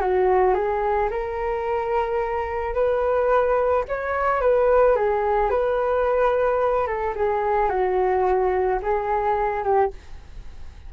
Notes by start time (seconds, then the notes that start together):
0.00 F#4
0.54 G#4
1.10 A#4
2.74 B4
3.88 C#5
4.41 B4
4.96 G#4
5.50 B4
6.87 A4
7.16 G#4
7.69 F#4
8.82 G#4
9.63 G4